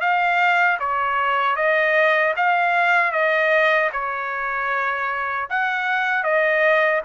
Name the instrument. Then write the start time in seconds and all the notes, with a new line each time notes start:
trumpet
0.00 F5
0.79 C#5
1.56 D#5
2.36 F5
3.12 D#5
3.92 C#5
5.49 F#5
6.23 D#5